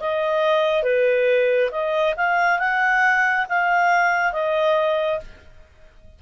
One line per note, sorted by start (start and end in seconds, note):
0.00 0.83 D#5
0.83 1.70 B4
1.71 2.15 D#5
2.16 2.59 F5
2.59 3.46 F#5
3.49 4.32 F5
4.32 5.19 D#5